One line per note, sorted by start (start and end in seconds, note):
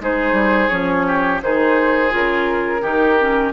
0.00 0.33 G#3
0.00 0.70 D#4
0.00 1.07 G#4
0.00 0.70 C5
0.33 0.68 G3
0.70 1.42 F3
0.70 1.41 C#4
0.70 1.40 C#5
1.07 1.42 G4
1.41 2.13 D#3
1.41 2.10 D#4
1.41 2.82 G#4
1.41 2.14 C5
2.10 2.82 C#3
2.10 2.81 F4
2.10 3.53 A#4
2.81 3.53 D#3
2.81 3.16 D#4
2.81 3.53 G4
3.21 3.53 C#4